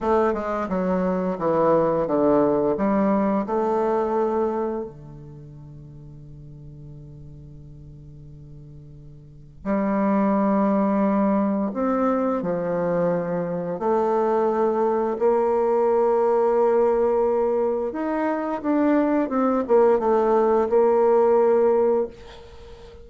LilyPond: \new Staff \with { instrumentName = "bassoon" } { \time 4/4 \tempo 4 = 87 a8 gis8 fis4 e4 d4 | g4 a2 d4~ | d1~ | d2 g2~ |
g4 c'4 f2 | a2 ais2~ | ais2 dis'4 d'4 | c'8 ais8 a4 ais2 | }